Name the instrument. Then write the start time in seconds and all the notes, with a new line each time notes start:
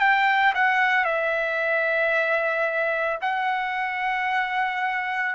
trumpet
0.00 G5
0.55 F#5
1.05 E5
3.22 F#5